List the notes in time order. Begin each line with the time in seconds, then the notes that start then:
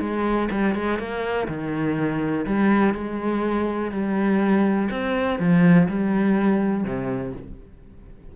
0.00 G#3
0.51 G3
0.75 G#3
0.99 A#3
1.48 D#3
2.46 G3
2.94 G#3
3.91 G3
4.91 C4
5.39 F3
5.89 G3
6.84 C3